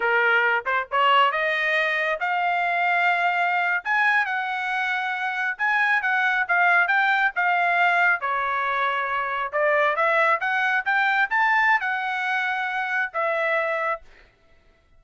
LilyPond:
\new Staff \with { instrumentName = "trumpet" } { \time 4/4 \tempo 4 = 137 ais'4. c''8 cis''4 dis''4~ | dis''4 f''2.~ | f''8. gis''4 fis''2~ fis''16~ | fis''8. gis''4 fis''4 f''4 g''16~ |
g''8. f''2 cis''4~ cis''16~ | cis''4.~ cis''16 d''4 e''4 fis''16~ | fis''8. g''4 a''4~ a''16 fis''4~ | fis''2 e''2 | }